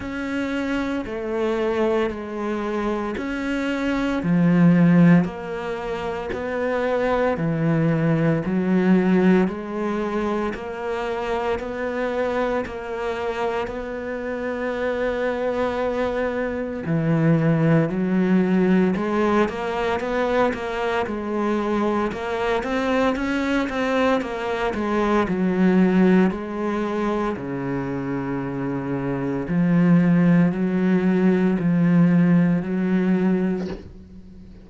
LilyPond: \new Staff \with { instrumentName = "cello" } { \time 4/4 \tempo 4 = 57 cis'4 a4 gis4 cis'4 | f4 ais4 b4 e4 | fis4 gis4 ais4 b4 | ais4 b2. |
e4 fis4 gis8 ais8 b8 ais8 | gis4 ais8 c'8 cis'8 c'8 ais8 gis8 | fis4 gis4 cis2 | f4 fis4 f4 fis4 | }